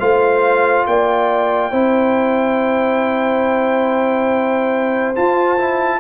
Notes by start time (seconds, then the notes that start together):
0.00 A3 F4 C5 F5
0.87 A#3 D5 G5
1.71 C4 E4 C5
5.15 F4 A5
5.58 E4